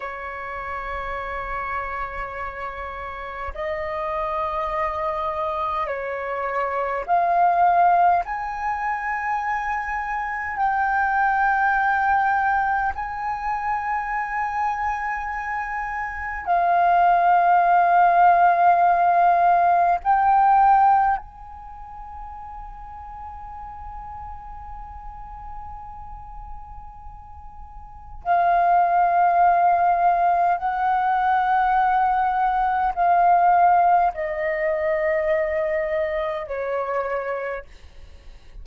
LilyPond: \new Staff \with { instrumentName = "flute" } { \time 4/4 \tempo 4 = 51 cis''2. dis''4~ | dis''4 cis''4 f''4 gis''4~ | gis''4 g''2 gis''4~ | gis''2 f''2~ |
f''4 g''4 gis''2~ | gis''1 | f''2 fis''2 | f''4 dis''2 cis''4 | }